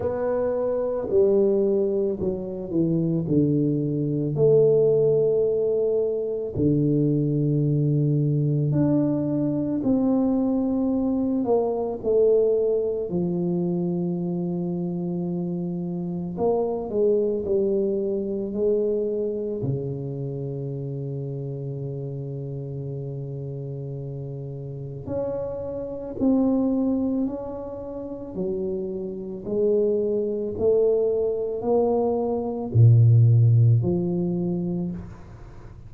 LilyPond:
\new Staff \with { instrumentName = "tuba" } { \time 4/4 \tempo 4 = 55 b4 g4 fis8 e8 d4 | a2 d2 | d'4 c'4. ais8 a4 | f2. ais8 gis8 |
g4 gis4 cis2~ | cis2. cis'4 | c'4 cis'4 fis4 gis4 | a4 ais4 ais,4 f4 | }